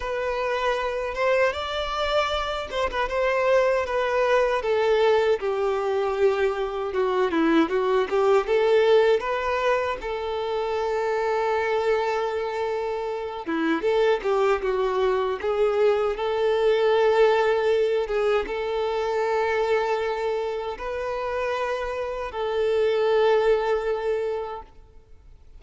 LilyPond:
\new Staff \with { instrumentName = "violin" } { \time 4/4 \tempo 4 = 78 b'4. c''8 d''4. c''16 b'16 | c''4 b'4 a'4 g'4~ | g'4 fis'8 e'8 fis'8 g'8 a'4 | b'4 a'2.~ |
a'4. e'8 a'8 g'8 fis'4 | gis'4 a'2~ a'8 gis'8 | a'2. b'4~ | b'4 a'2. | }